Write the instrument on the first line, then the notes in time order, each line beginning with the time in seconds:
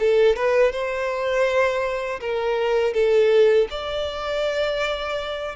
violin
0.00 A4
0.36 B4
0.72 C5
2.21 A#4
2.94 A4
3.71 D5